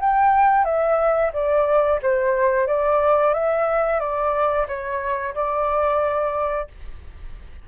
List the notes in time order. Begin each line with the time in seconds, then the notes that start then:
0.00 G5
0.65 E5
1.33 D5
2.02 C5
2.67 D5
3.34 E5
4.00 D5
4.68 C#5
5.35 D5